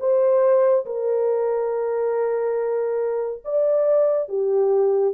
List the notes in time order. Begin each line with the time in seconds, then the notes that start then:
0.00 C5
0.86 A#4
3.44 D5
4.29 G4